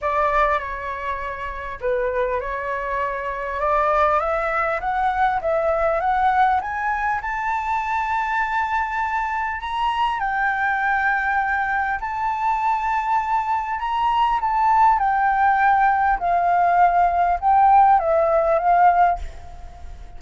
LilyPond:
\new Staff \with { instrumentName = "flute" } { \time 4/4 \tempo 4 = 100 d''4 cis''2 b'4 | cis''2 d''4 e''4 | fis''4 e''4 fis''4 gis''4 | a''1 |
ais''4 g''2. | a''2. ais''4 | a''4 g''2 f''4~ | f''4 g''4 e''4 f''4 | }